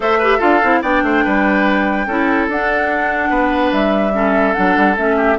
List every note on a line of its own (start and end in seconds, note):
0.00 0.40 A3
0.00 0.19 A4
0.00 0.18 C5
0.00 0.40 E5
0.18 0.39 G4
0.18 0.38 B4
0.38 0.62 D4
0.38 0.60 F4
0.38 0.79 A4
0.38 0.81 F5
0.63 0.82 C4
0.63 0.83 E4
0.82 1.02 B3
0.82 2.07 D4
0.82 1.02 D5
0.82 2.48 G5
1.02 1.23 A3
1.02 1.24 C5
1.24 2.06 G3
1.24 2.07 B4
2.06 2.47 C#4
2.06 2.50 E4
2.06 3.29 A4
2.48 3.29 D4
2.48 4.13 D4
2.48 3.72 F#5
3.29 3.71 B3
3.29 4.12 B4
3.72 4.54 G3
3.72 4.53 E5
4.13 4.54 C#4
4.13 5.16 A4
4.53 4.76 F#3
4.53 4.96 D4
4.53 4.95 F#5
4.76 4.97 G3
4.96 5.38 A3
4.96 5.38 C#4
4.96 5.38 E5
5.16 5.37 G4